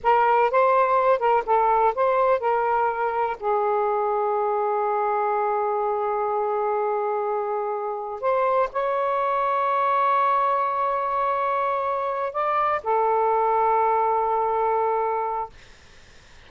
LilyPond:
\new Staff \with { instrumentName = "saxophone" } { \time 4/4 \tempo 4 = 124 ais'4 c''4. ais'8 a'4 | c''4 ais'2 gis'4~ | gis'1~ | gis'1~ |
gis'4 c''4 cis''2~ | cis''1~ | cis''4. d''4 a'4.~ | a'1 | }